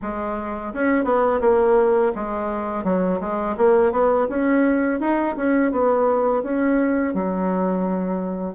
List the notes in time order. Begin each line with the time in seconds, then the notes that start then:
0.02 G#3
0.73 C#4
1.04 B3
1.41 A#3
2.15 G#3
2.84 F#3
3.20 G#3
3.57 A#3
3.92 B3
4.29 C#4
4.99 D#4
5.36 C#4
5.71 B3
6.43 C#4
7.14 F#3